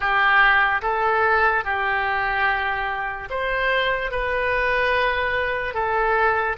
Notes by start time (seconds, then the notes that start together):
0.00 G4
0.82 A4
1.64 G4
3.30 C5
4.11 B4
5.73 A4